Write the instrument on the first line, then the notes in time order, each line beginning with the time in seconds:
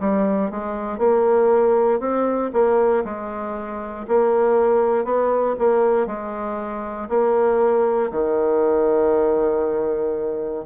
bassoon
0.00 G3
0.51 G#3
0.98 A#3
2.00 C4
2.53 A#3
3.05 G#3
4.08 A#3
5.05 B3
5.59 A#3
6.07 G#3
7.09 A#3
8.11 D#3